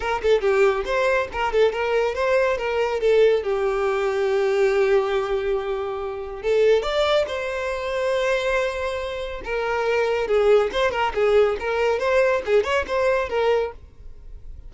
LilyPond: \new Staff \with { instrumentName = "violin" } { \time 4/4 \tempo 4 = 140 ais'8 a'8 g'4 c''4 ais'8 a'8 | ais'4 c''4 ais'4 a'4 | g'1~ | g'2. a'4 |
d''4 c''2.~ | c''2 ais'2 | gis'4 c''8 ais'8 gis'4 ais'4 | c''4 gis'8 cis''8 c''4 ais'4 | }